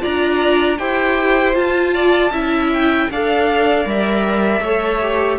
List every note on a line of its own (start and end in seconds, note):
0.00 0.77 F4
0.00 0.79 D5
0.00 0.79 A#5
0.06 0.79 D4
0.79 1.56 E4
0.79 1.54 G4
0.79 1.94 C5
0.79 1.55 G5
1.54 2.31 F4
1.54 2.71 A5
1.94 2.32 D5
2.31 3.08 C#4
2.31 3.11 E4
2.31 3.09 E5
2.74 3.12 G5
3.11 3.86 D4
3.11 3.85 A4
3.11 4.64 D5
3.11 3.89 F5
3.85 4.61 G3
3.85 4.62 A#4
3.85 5.39 E5
4.61 5.38 A3
4.61 5.02 A4
4.61 5.39 C#5
5.02 5.39 G4